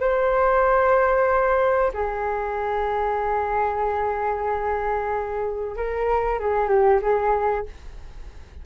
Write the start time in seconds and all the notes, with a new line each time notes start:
0.00 C5
1.94 G#4
5.76 A#4
6.39 G#4
6.68 G4
7.02 G#4